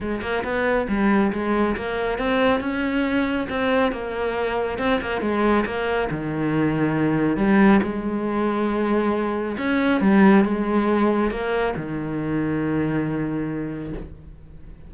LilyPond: \new Staff \with { instrumentName = "cello" } { \time 4/4 \tempo 4 = 138 gis8 ais8 b4 g4 gis4 | ais4 c'4 cis'2 | c'4 ais2 c'8 ais8 | gis4 ais4 dis2~ |
dis4 g4 gis2~ | gis2 cis'4 g4 | gis2 ais4 dis4~ | dis1 | }